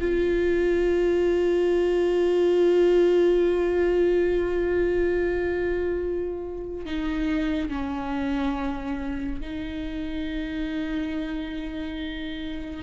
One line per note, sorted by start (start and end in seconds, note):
0.00 6.85 F4
6.85 7.69 D#4
7.69 9.41 C#4
9.41 12.82 D#4